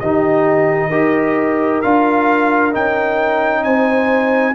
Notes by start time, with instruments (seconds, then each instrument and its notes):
0.00 tuba D#3, trombone D#4, horn G4, trumpet D#5
0.89 tuba D#4, trombone G4, horn A#4
1.82 tuba D4, trombone F4, trumpet F5
2.72 tuba C#4, trombone D#4, trumpet G5
3.64 tuba C4, horn C5, trumpet G#5